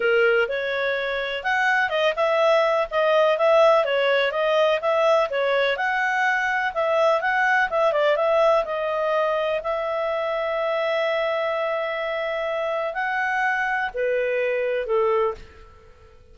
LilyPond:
\new Staff \with { instrumentName = "clarinet" } { \time 4/4 \tempo 4 = 125 ais'4 cis''2 fis''4 | dis''8 e''4. dis''4 e''4 | cis''4 dis''4 e''4 cis''4 | fis''2 e''4 fis''4 |
e''8 d''8 e''4 dis''2 | e''1~ | e''2. fis''4~ | fis''4 b'2 a'4 | }